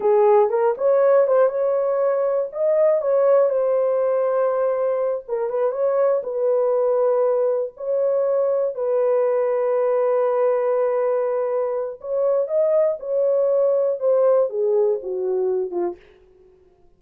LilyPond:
\new Staff \with { instrumentName = "horn" } { \time 4/4 \tempo 4 = 120 gis'4 ais'8 cis''4 c''8 cis''4~ | cis''4 dis''4 cis''4 c''4~ | c''2~ c''8 ais'8 b'8 cis''8~ | cis''8 b'2. cis''8~ |
cis''4. b'2~ b'8~ | b'1 | cis''4 dis''4 cis''2 | c''4 gis'4 fis'4. f'8 | }